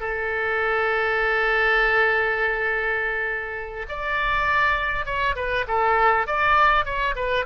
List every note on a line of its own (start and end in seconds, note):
0.00 3.86 A4
3.89 5.05 D5
5.05 5.35 C#5
5.35 5.65 B4
5.68 6.27 A4
6.27 6.85 D5
6.85 7.15 C#5
7.16 7.45 B4